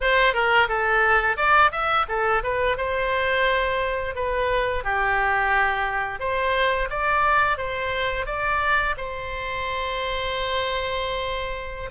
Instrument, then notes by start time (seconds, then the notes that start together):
oboe
0.00 C5
0.33 A#4
0.68 A4
1.36 D5
1.71 E5
2.08 A4
2.43 B4
2.77 C5
4.15 B4
4.84 G4
6.19 C5
6.90 D5
7.57 C5
8.26 D5
8.97 C5